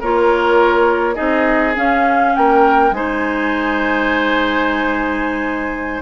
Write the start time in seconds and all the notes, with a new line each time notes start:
0.00 A#3 F4 A#4 C#5
1.15 C4 D#4 G#4 D#5
1.75 C#4 F5
2.35 A#3 A#4 G5
2.91 G#3 D#4 C5 G#5